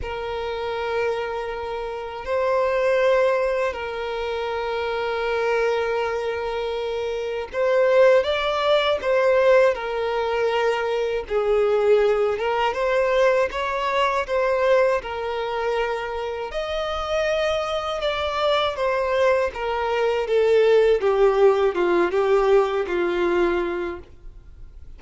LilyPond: \new Staff \with { instrumentName = "violin" } { \time 4/4 \tempo 4 = 80 ais'2. c''4~ | c''4 ais'2.~ | ais'2 c''4 d''4 | c''4 ais'2 gis'4~ |
gis'8 ais'8 c''4 cis''4 c''4 | ais'2 dis''2 | d''4 c''4 ais'4 a'4 | g'4 f'8 g'4 f'4. | }